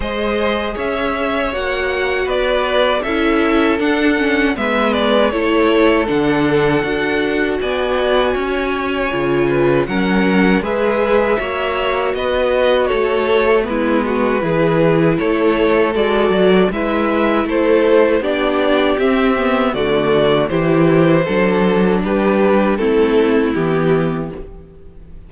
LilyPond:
<<
  \new Staff \with { instrumentName = "violin" } { \time 4/4 \tempo 4 = 79 dis''4 e''4 fis''4 d''4 | e''4 fis''4 e''8 d''8 cis''4 | fis''2 gis''2~ | gis''4 fis''4 e''2 |
dis''4 cis''4 b'2 | cis''4 d''4 e''4 c''4 | d''4 e''4 d''4 c''4~ | c''4 b'4 a'4 g'4 | }
  \new Staff \with { instrumentName = "violin" } { \time 4/4 c''4 cis''2 b'4 | a'2 b'4 a'4~ | a'2 d''4 cis''4~ | cis''8 b'8 ais'4 b'4 cis''4 |
b'4 a'4 e'8 fis'8 gis'4 | a'2 b'4 a'4 | g'2 fis'4 g'4 | a'4 g'4 e'2 | }
  \new Staff \with { instrumentName = "viola" } { \time 4/4 gis'2 fis'2 | e'4 d'8 cis'8 b4 e'4 | d'4 fis'2. | f'4 cis'4 gis'4 fis'4~ |
fis'2 b4 e'4~ | e'4 fis'4 e'2 | d'4 c'8 b8 a4 e'4 | d'2 c'4 b4 | }
  \new Staff \with { instrumentName = "cello" } { \time 4/4 gis4 cis'4 ais4 b4 | cis'4 d'4 gis4 a4 | d4 d'4 b4 cis'4 | cis4 fis4 gis4 ais4 |
b4 a4 gis4 e4 | a4 gis8 fis8 gis4 a4 | b4 c'4 d4 e4 | fis4 g4 a4 e4 | }
>>